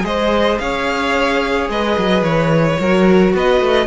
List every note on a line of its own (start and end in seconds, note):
0.00 0.58 G#3
0.00 2.75 G#4
0.00 0.61 C5
0.00 0.58 D#5
0.58 1.69 C#4
0.58 1.71 C#5
0.58 1.68 F5
1.69 1.96 G#3
1.69 2.79 B4
1.69 2.23 D#5
1.97 2.22 F#3
2.22 2.77 E3
2.22 3.33 C#5
2.78 3.34 F#3
2.78 3.86 F#4
2.78 3.34 A#4
3.34 3.60 B3
3.34 3.86 B4
3.34 3.86 D#5
3.60 3.86 A3